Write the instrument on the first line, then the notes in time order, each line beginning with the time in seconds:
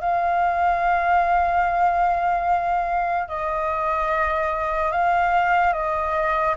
flute
0.00 F5
3.28 D#5
4.92 F5
5.73 D#5